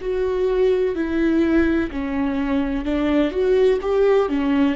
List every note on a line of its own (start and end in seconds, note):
0.00 0.95 F#4
0.95 1.90 E4
1.91 2.84 C#4
2.84 3.31 D4
3.31 3.79 F#4
3.81 4.29 G4
4.29 4.75 C#4